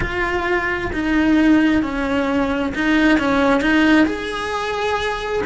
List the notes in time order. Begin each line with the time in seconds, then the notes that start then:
0.00 F4
0.92 D#4
1.82 C#4
2.74 D#4
3.18 C#4
3.61 D#4
4.06 G#4